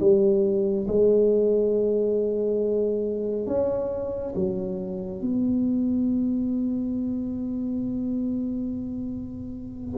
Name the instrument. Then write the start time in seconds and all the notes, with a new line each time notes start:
tuba
0.00 G3
0.88 G#3
3.47 C#4
4.35 F#3
5.21 B3